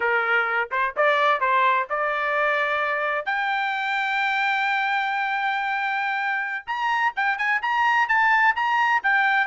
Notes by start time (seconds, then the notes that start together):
0.00 A#4
0.71 C5
0.96 D5
1.40 C5
1.89 D5
3.25 G5
6.66 A#5
7.15 G5
7.37 G#5
7.62 A#5
8.08 A5
8.55 A#5
9.03 G5